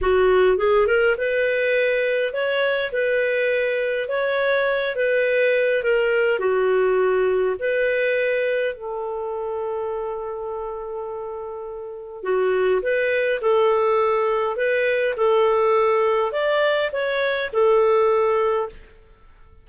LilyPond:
\new Staff \with { instrumentName = "clarinet" } { \time 4/4 \tempo 4 = 103 fis'4 gis'8 ais'8 b'2 | cis''4 b'2 cis''4~ | cis''8 b'4. ais'4 fis'4~ | fis'4 b'2 a'4~ |
a'1~ | a'4 fis'4 b'4 a'4~ | a'4 b'4 a'2 | d''4 cis''4 a'2 | }